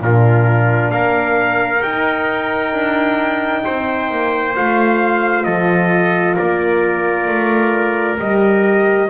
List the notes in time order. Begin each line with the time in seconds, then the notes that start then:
0.00 A#2 D4 F4 A#4
0.91 A#3 A#4 F5
1.82 D#4 G5
2.73 D4
3.65 C4 C5
4.11 A#3
4.55 A3 F4 F5
5.44 F3 A4 D#5
6.34 A#3 A#4 D5
7.28 A3
8.18 G3 G4 D#5